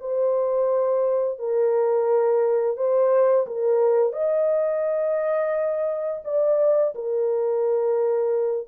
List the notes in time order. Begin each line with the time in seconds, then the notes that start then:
0.00 C5
1.39 A#4
2.77 C5
3.47 A#4
4.13 D#5
6.24 D5
6.95 A#4